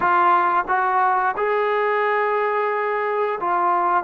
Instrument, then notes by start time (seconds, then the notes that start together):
trombone
0.00 F4
0.67 F#4
1.37 G#4
3.40 F4